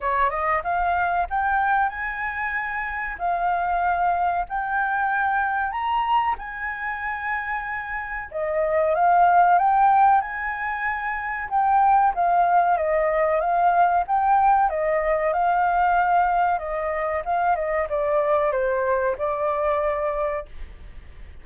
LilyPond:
\new Staff \with { instrumentName = "flute" } { \time 4/4 \tempo 4 = 94 cis''8 dis''8 f''4 g''4 gis''4~ | gis''4 f''2 g''4~ | g''4 ais''4 gis''2~ | gis''4 dis''4 f''4 g''4 |
gis''2 g''4 f''4 | dis''4 f''4 g''4 dis''4 | f''2 dis''4 f''8 dis''8 | d''4 c''4 d''2 | }